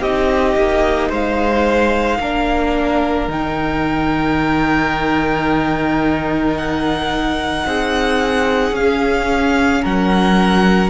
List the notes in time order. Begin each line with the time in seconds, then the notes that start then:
0.00 C4 D#4 G4 D#5
0.57 A#3
1.09 G#3 C5 F5
2.19 A#3 D4 A#4
3.28 D#3 D#4 G5
6.57 F#5
7.66 C4 G#4
8.72 C#4 F5
9.82 F#3 A#4 F#5